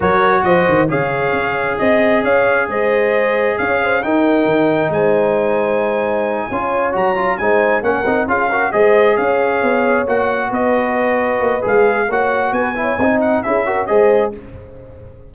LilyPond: <<
  \new Staff \with { instrumentName = "trumpet" } { \time 4/4 \tempo 4 = 134 cis''4 dis''4 f''2 | dis''4 f''4 dis''2 | f''4 g''2 gis''4~ | gis''2.~ gis''8 ais''8~ |
ais''8 gis''4 fis''4 f''4 dis''8~ | dis''8 f''2 fis''4 dis''8~ | dis''2 f''4 fis''4 | gis''4. fis''8 e''4 dis''4 | }
  \new Staff \with { instrumentName = "horn" } { \time 4/4 ais'4 c''4 cis''2 | dis''4 cis''4 c''2 | cis''8 c''8 ais'2 c''4~ | c''2~ c''8 cis''4.~ |
cis''8 c''4 ais'4 gis'8 ais'8 c''8~ | c''8 cis''2. b'8~ | b'2. cis''4 | b'8 cis''8 dis''4 gis'8 ais'8 c''4 | }
  \new Staff \with { instrumentName = "trombone" } { \time 4/4 fis'2 gis'2~ | gis'1~ | gis'4 dis'2.~ | dis'2~ dis'8 f'4 fis'8 |
f'8 dis'4 cis'8 dis'8 f'8 fis'8 gis'8~ | gis'2~ gis'8 fis'4.~ | fis'2 gis'4 fis'4~ | fis'8 e'8 dis'4 e'8 fis'8 gis'4 | }
  \new Staff \with { instrumentName = "tuba" } { \time 4/4 fis4 f8 dis8 cis4 cis'4 | c'4 cis'4 gis2 | cis'4 dis'4 dis4 gis4~ | gis2~ gis8 cis'4 fis8~ |
fis8 gis4 ais8 c'8 cis'4 gis8~ | gis8 cis'4 b4 ais4 b8~ | b4. ais8 gis4 ais4 | b4 c'4 cis'4 gis4 | }
>>